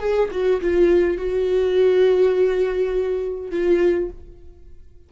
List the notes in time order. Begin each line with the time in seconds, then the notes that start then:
0.00 G#4
0.32 F#4
0.61 F4
1.18 F#4
3.52 F4